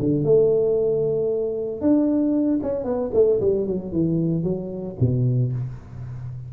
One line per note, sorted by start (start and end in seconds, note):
0.00 0.24 D3
0.24 1.81 A3
1.81 2.60 D4
2.63 2.84 C#4
2.84 3.11 B3
3.14 3.40 A3
3.41 3.67 G3
3.67 3.92 F#3
3.92 4.44 E3
4.44 4.96 F#3
5.00 5.53 B2